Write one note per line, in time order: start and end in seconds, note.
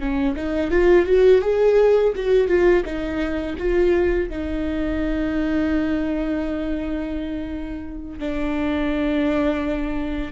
0.00 0.36 C#4
0.36 0.71 D#4
0.71 1.06 F4
1.06 1.42 F#4
1.42 2.13 G#4
2.16 2.48 F#4
2.48 2.84 F4
2.85 3.57 D#4
3.58 4.30 F4
4.30 8.19 D#4
8.19 10.32 D4